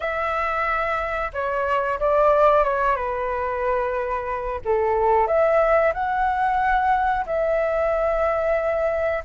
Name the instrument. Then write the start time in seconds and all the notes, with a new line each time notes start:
flute
0.00 E5
1.33 C#5
1.99 D5
2.64 C#5
2.96 B4
4.65 A4
5.27 E5
5.93 F#5
7.25 E5